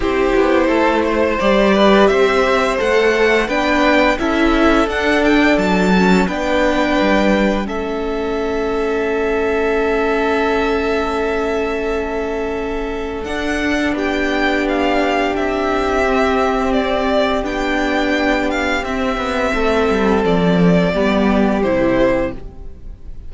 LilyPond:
<<
  \new Staff \with { instrumentName = "violin" } { \time 4/4 \tempo 4 = 86 c''2 d''4 e''4 | fis''4 g''4 e''4 fis''8 g''8 | a''4 g''2 e''4~ | e''1~ |
e''2. fis''4 | g''4 f''4 e''2 | d''4 g''4. f''8 e''4~ | e''4 d''2 c''4 | }
  \new Staff \with { instrumentName = "violin" } { \time 4/4 g'4 a'8 c''4 b'8 c''4~ | c''4 b'4 a'2~ | a'4 b'2 a'4~ | a'1~ |
a'1 | g'1~ | g'1 | a'2 g'2 | }
  \new Staff \with { instrumentName = "viola" } { \time 4/4 e'2 g'2 | a'4 d'4 e'4 d'4~ | d'8 cis'8 d'2 cis'4~ | cis'1~ |
cis'2. d'4~ | d'2. c'4~ | c'4 d'2 c'4~ | c'2 b4 e'4 | }
  \new Staff \with { instrumentName = "cello" } { \time 4/4 c'8 b8 a4 g4 c'4 | a4 b4 cis'4 d'4 | fis4 b4 g4 a4~ | a1~ |
a2. d'4 | b2 c'2~ | c'4 b2 c'8 b8 | a8 g8 f4 g4 c4 | }
>>